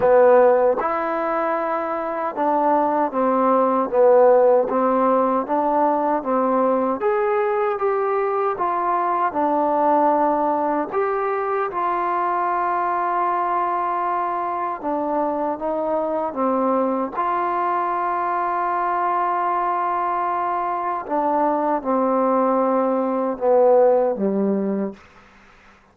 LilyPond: \new Staff \with { instrumentName = "trombone" } { \time 4/4 \tempo 4 = 77 b4 e'2 d'4 | c'4 b4 c'4 d'4 | c'4 gis'4 g'4 f'4 | d'2 g'4 f'4~ |
f'2. d'4 | dis'4 c'4 f'2~ | f'2. d'4 | c'2 b4 g4 | }